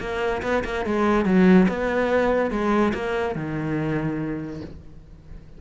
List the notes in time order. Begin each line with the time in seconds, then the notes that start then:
0.00 A#3
0.43 B3
0.64 A#3
0.85 G#3
1.25 F#3
1.68 B3
2.51 G#3
2.94 A#3
3.35 D#3